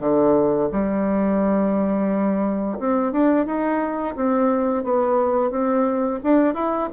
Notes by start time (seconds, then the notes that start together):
0.00 D3
0.72 G3
2.79 C4
3.12 D4
3.46 D#4
4.16 C4
4.84 B3
5.50 C4
6.24 D4
6.54 E4